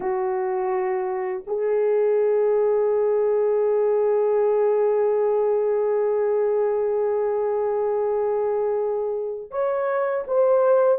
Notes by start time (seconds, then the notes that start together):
0.00 F#4
1.46 G#4
9.50 C#5
10.27 C5